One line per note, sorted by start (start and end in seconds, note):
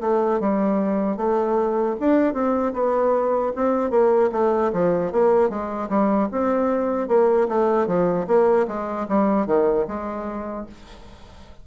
0.00 0.39 A3
0.39 1.16 G3
1.16 1.95 A3
2.00 2.33 D4
2.33 2.73 C4
2.73 3.52 B3
3.55 3.90 C4
3.90 4.30 A#3
4.32 4.71 A3
4.72 5.12 F3
5.12 5.49 A#3
5.49 5.89 G#3
5.89 6.28 G3
6.31 7.08 C4
7.08 7.47 A#3
7.48 7.87 A3
7.87 8.26 F3
8.27 8.66 A#3
8.67 9.06 G#3
9.08 9.46 G3
9.46 9.85 D#3
9.87 10.66 G#3